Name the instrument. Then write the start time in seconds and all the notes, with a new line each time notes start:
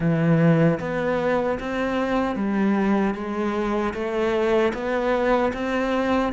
cello
0.00 E3
0.79 B3
1.59 C4
2.35 G3
3.14 G#3
3.94 A3
4.73 B3
5.53 C4